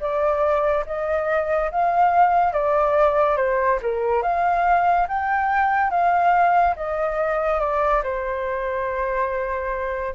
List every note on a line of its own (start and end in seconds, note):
0.00 0.85 D5
0.86 1.71 D#5
1.71 2.53 F5
2.53 3.36 D5
3.36 3.79 C5
3.82 4.23 A#4
4.23 5.07 F5
5.08 5.90 G5
5.90 6.75 F5
6.76 7.60 D#5
7.60 8.02 D5
8.03 10.14 C5